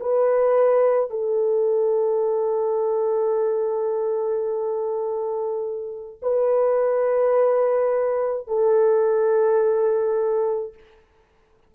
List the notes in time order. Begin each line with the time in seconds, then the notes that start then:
0.00 B4
1.10 A4
6.22 B4
8.48 A4